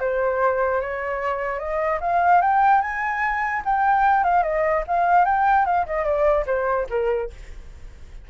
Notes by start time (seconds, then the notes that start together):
0.00 C5
0.81 C#5
1.59 D#5
2.01 F5
2.41 G5
2.82 G#5
3.65 G5
4.24 F5
4.43 D#5
4.88 F5
5.25 G5
5.66 F5
5.87 D#5
6.05 D5
6.46 C5
6.90 A#4